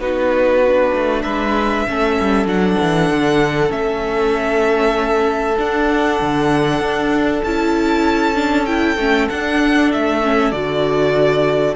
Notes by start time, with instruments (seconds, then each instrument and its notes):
0.00 cello B3, viola D#4, violin F#4 B4
0.68 viola D4
0.95 cello A3
1.23 cello G#3, violin B4 E5
1.89 cello A3, viola C#4, violin A4
2.21 cello G3
2.46 cello F#3, viola D4, violin F#5
2.82 cello E3
3.11 cello D3
3.69 cello A3, viola C#4, violin E5
5.58 viola D4, cello D4, violin F#5
6.22 cello D3
6.81 cello D4
7.44 cello C#4, viola E4, violin A5
8.35 viola D4
8.66 viola E4, violin G5
8.97 cello A3, viola C#4
9.30 viola D4, cello D4, violin F#5
9.93 cello A3, violin E5
10.24 viola C#4
10.52 cello D3, viola F#4, violin D5